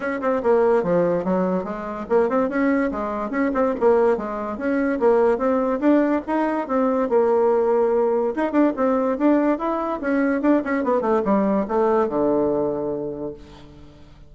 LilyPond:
\new Staff \with { instrumentName = "bassoon" } { \time 4/4 \tempo 4 = 144 cis'8 c'8 ais4 f4 fis4 | gis4 ais8 c'8 cis'4 gis4 | cis'8 c'8 ais4 gis4 cis'4 | ais4 c'4 d'4 dis'4 |
c'4 ais2. | dis'8 d'8 c'4 d'4 e'4 | cis'4 d'8 cis'8 b8 a8 g4 | a4 d2. | }